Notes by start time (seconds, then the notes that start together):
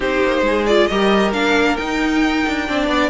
0.00 C4 D#4 G4 C5
0.23 A#3
0.41 G#3 G#4
0.66 F4 D5
0.87 G3 G4 A#4 D#5
1.32 A#3 D4 F5
1.76 D#4 G5
2.46 D4
2.66 C4 D4 D5
2.87 B3 D5